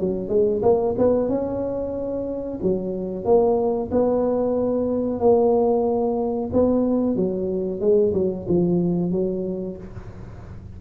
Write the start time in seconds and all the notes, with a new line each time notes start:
0.00 F#3
0.29 G#3
0.63 A#3
0.98 B3
1.29 C#4
2.63 F#3
3.25 A#3
3.91 B3
5.19 A#3
6.53 B3
7.16 F#3
7.80 G#3
8.14 F#3
8.48 F3
9.12 F#3